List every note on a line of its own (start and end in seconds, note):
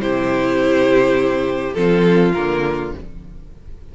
0.00 1.75 C3
0.00 1.74 E4
0.00 1.76 G4
0.00 1.73 C5
1.73 2.33 F3
1.73 2.32 C4
1.73 2.95 F4
1.73 2.32 A4
2.33 2.94 D3
2.33 2.94 A#3
2.33 2.91 A#4